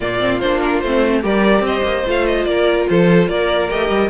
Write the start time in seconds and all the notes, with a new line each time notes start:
0.00 A#2 A#3 F4 D5
0.19 C4
0.39 A#3 D4 C5
0.62 A#4
0.80 A3 C4 C5
1.22 G3 G4 A#4 D5
1.60 C4 D#5
1.66 C5
1.82 A#3
2.06 A3 F4 F5
2.26 D#5
2.44 A#3 A#4 D5
2.89 F3 A4 C5
3.28 A#3 A#4 D5
3.69 A3 G4 D#5
3.89 G3